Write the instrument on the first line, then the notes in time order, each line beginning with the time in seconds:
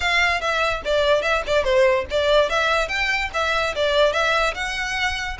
violin
0.00 F5
0.40 E5
0.84 D5
1.22 E5
1.46 D5
1.63 C5
2.10 D5
2.49 E5
2.88 G5
3.33 E5
3.75 D5
4.12 E5
4.54 F#5